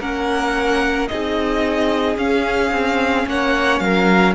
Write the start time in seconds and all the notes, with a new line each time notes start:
0.00 A#3 C#4 A#4 F#5
1.08 C4 D#4 G#4 D#5
2.17 C#4 F5
2.71 C4
3.27 A#3 C#5 F#5
3.79 F#3 A#4 F5